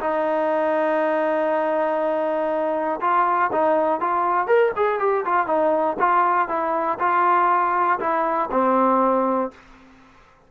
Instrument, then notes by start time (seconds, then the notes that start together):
trombone
0.00 D#4
3.01 F4
3.52 D#4
4.00 F4
4.47 A#4
4.76 G#4
4.99 G4
5.25 F4
5.47 D#4
5.99 F4
6.48 E4
6.99 F4
7.99 E4
8.51 C4